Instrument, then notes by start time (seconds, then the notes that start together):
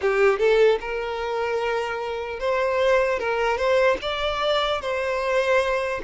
violin
0.01 G4
0.39 A4
0.80 A#4
2.39 C5
3.19 A#4
3.57 C5
4.01 D5
4.81 C5